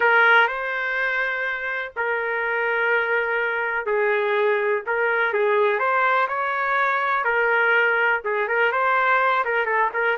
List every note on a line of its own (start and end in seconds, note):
0.00 0.47 A#4
0.47 1.92 C5
1.96 3.86 A#4
3.86 4.82 G#4
4.86 5.33 A#4
5.33 5.79 G#4
5.79 6.27 C5
6.27 7.24 C#5
7.24 8.21 A#4
8.24 8.48 G#4
8.48 8.71 A#4
8.71 9.44 C5
9.44 9.65 A#4
9.65 9.90 A4
9.93 10.17 A#4